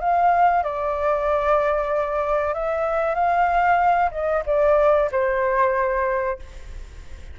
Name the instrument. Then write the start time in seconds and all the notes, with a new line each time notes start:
flute
0.00 F5
0.63 D5
2.54 E5
3.15 F5
4.11 D#5
4.46 D5
5.12 C5